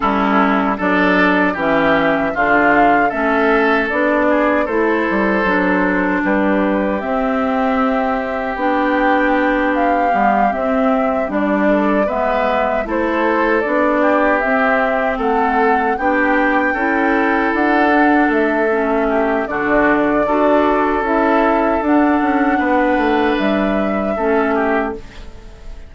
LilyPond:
<<
  \new Staff \with { instrumentName = "flute" } { \time 4/4 \tempo 4 = 77 a'4 d''4 e''4 f''4 | e''4 d''4 c''2 | b'4 e''2 g''4~ | g''8 f''4 e''4 d''4 e''8~ |
e''8 c''4 d''4 e''4 fis''8~ | fis''8 g''2 fis''4 e''8~ | e''4 d''2 e''4 | fis''2 e''2 | }
  \new Staff \with { instrumentName = "oboe" } { \time 4/4 e'4 a'4 g'4 f'4 | a'4. gis'8 a'2 | g'1~ | g'2. a'8 b'8~ |
b'8 a'4. g'4. a'8~ | a'8 g'4 a'2~ a'8~ | a'8 g'8 fis'4 a'2~ | a'4 b'2 a'8 g'8 | }
  \new Staff \with { instrumentName = "clarinet" } { \time 4/4 cis'4 d'4 cis'4 d'4 | cis'4 d'4 e'4 d'4~ | d'4 c'2 d'4~ | d'4 b8 c'4 d'4 b8~ |
b8 e'4 d'4 c'4.~ | c'8 d'4 e'4. d'4 | cis'4 d'4 fis'4 e'4 | d'2. cis'4 | }
  \new Staff \with { instrumentName = "bassoon" } { \time 4/4 g4 fis4 e4 d4 | a4 b4 a8 g8 fis4 | g4 c'2 b4~ | b4 g8 c'4 g4 gis8~ |
gis8 a4 b4 c'4 a8~ | a8 b4 cis'4 d'4 a8~ | a4 d4 d'4 cis'4 | d'8 cis'8 b8 a8 g4 a4 | }
>>